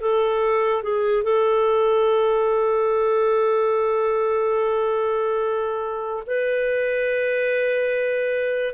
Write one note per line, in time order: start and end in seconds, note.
0.00 0.82 A4
0.82 1.23 G#4
1.23 6.23 A4
6.26 8.73 B4